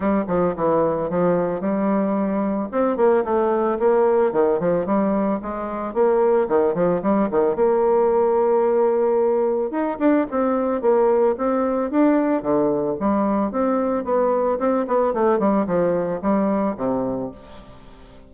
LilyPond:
\new Staff \with { instrumentName = "bassoon" } { \time 4/4 \tempo 4 = 111 g8 f8 e4 f4 g4~ | g4 c'8 ais8 a4 ais4 | dis8 f8 g4 gis4 ais4 | dis8 f8 g8 dis8 ais2~ |
ais2 dis'8 d'8 c'4 | ais4 c'4 d'4 d4 | g4 c'4 b4 c'8 b8 | a8 g8 f4 g4 c4 | }